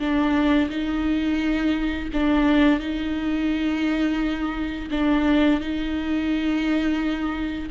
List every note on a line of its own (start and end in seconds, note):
0.00 0.70 D4
0.70 2.09 D#4
2.14 2.80 D4
2.80 4.89 D#4
4.91 5.61 D4
5.61 7.70 D#4